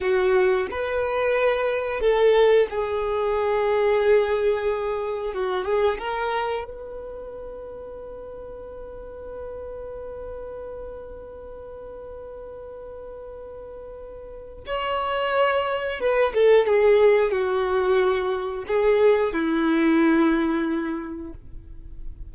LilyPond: \new Staff \with { instrumentName = "violin" } { \time 4/4 \tempo 4 = 90 fis'4 b'2 a'4 | gis'1 | fis'8 gis'8 ais'4 b'2~ | b'1~ |
b'1~ | b'2 cis''2 | b'8 a'8 gis'4 fis'2 | gis'4 e'2. | }